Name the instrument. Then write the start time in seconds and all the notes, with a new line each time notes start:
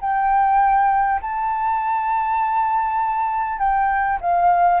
flute
0.00 G5
1.21 A5
3.58 G5
4.21 F5